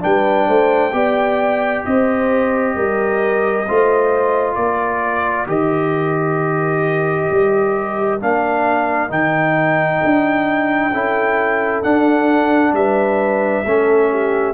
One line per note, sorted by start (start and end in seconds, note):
0.00 0.48 G3
0.00 0.91 D4
0.00 0.47 B4
0.00 1.85 G5
0.47 0.93 A3
0.47 0.92 C5
0.93 1.84 B3
0.93 3.65 G4
0.93 1.85 D5
1.85 2.76 C4
1.85 2.76 C5
1.85 4.55 D#5
2.76 3.67 G3
2.76 3.67 A#4
3.67 4.56 A3
3.67 5.47 F4
3.67 4.56 C5
4.55 5.47 A#3
4.55 10.92 A#4
4.55 5.46 D5
5.47 7.29 D#3
5.47 8.20 G4
5.47 8.22 D#5
7.31 8.21 G3
8.20 9.10 A#3
8.20 9.09 D4
8.20 9.12 F5
9.09 10.01 D#3
9.09 10.91 D#4
9.09 11.83 G5
10.04 10.93 D4
10.93 11.84 C#4
10.93 11.83 E4
10.93 12.74 A4
11.83 13.65 D4
11.83 12.73 D4
11.83 12.74 F#5
12.73 13.63 G3
12.73 13.67 B4
12.73 14.54 E5
13.65 14.54 A3
13.65 14.54 C#4
13.65 14.11 A4
14.11 14.54 G4